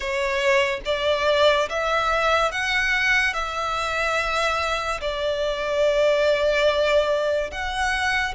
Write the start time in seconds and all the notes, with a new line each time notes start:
0.00 C#5
0.85 D5
1.69 E5
2.51 F#5
3.33 E5
5.00 D5
7.51 F#5